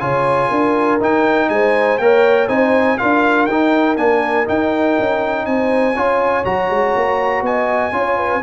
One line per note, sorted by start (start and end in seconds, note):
0.00 0.51 C#3
0.00 1.00 F4
0.00 0.49 C#5
0.00 0.99 G#5
0.49 1.00 D4
0.49 1.48 A#4
1.01 1.49 D#4
1.01 2.00 D#4
1.01 1.49 G5
1.49 1.99 G#3
1.49 2.02 C5
1.49 1.98 G#5
1.98 2.49 A#3
1.98 2.49 A#4
1.98 2.48 C#5
1.98 2.48 G5
2.48 2.98 C4
2.48 2.98 D#4
2.48 2.98 C5
2.48 2.98 G#5
2.98 3.48 D4
2.98 3.49 F4
2.98 5.48 A#4
2.98 3.46 F5
3.46 3.98 D#4
3.46 3.97 D#4
3.46 3.96 G5
3.97 4.47 A#3
3.97 4.46 D4
3.97 4.47 G#5
4.46 5.94 D#4
4.46 4.99 D#4
4.46 5.46 G5
5.00 5.46 C#4
5.46 5.95 C4
5.46 5.98 C5
5.46 6.45 G#5
5.96 6.45 C#4
5.96 6.45 F4
5.96 7.45 C#5
6.45 6.70 F#3
6.45 7.93 F#4
6.45 7.45 A#5
6.70 6.95 G#3
6.96 7.42 A#3
7.42 7.91 B3
7.42 7.95 D#5
7.42 8.43 G#5
7.92 8.42 C#4
7.92 8.42 F4
7.92 8.17 C#5
8.17 8.42 B4